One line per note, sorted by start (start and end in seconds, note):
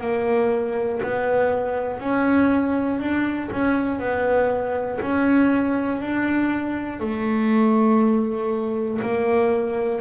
0.00 1.00 A#3
1.02 2.00 B3
2.00 3.00 C#4
3.00 3.50 D4
3.51 3.99 C#4
3.99 4.99 B3
5.00 6.00 C#4
6.00 7.00 D4
7.00 9.00 A3
9.01 10.01 A#3